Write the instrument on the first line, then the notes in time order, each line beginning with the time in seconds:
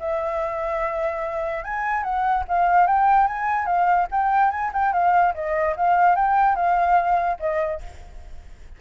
flute
0.00 E5
1.64 G#5
2.03 F#5
2.48 F5
2.87 G5
3.27 G#5
3.66 F5
4.12 G5
4.51 G#5
4.73 G5
4.93 F5
5.35 D#5
5.76 F5
6.16 G5
6.56 F5
7.40 D#5